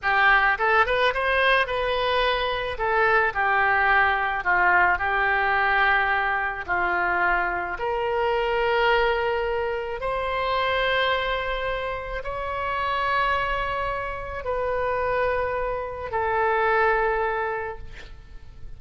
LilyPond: \new Staff \with { instrumentName = "oboe" } { \time 4/4 \tempo 4 = 108 g'4 a'8 b'8 c''4 b'4~ | b'4 a'4 g'2 | f'4 g'2. | f'2 ais'2~ |
ais'2 c''2~ | c''2 cis''2~ | cis''2 b'2~ | b'4 a'2. | }